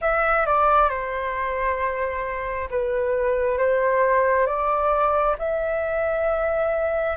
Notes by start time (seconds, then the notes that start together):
0.01 E5
0.46 D5
0.89 C5
2.70 B4
3.58 C5
4.46 D5
5.38 E5